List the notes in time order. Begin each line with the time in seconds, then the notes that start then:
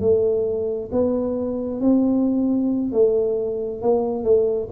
0.00 A3
0.91 B3
1.80 C4
2.92 A3
3.81 A#3
4.23 A3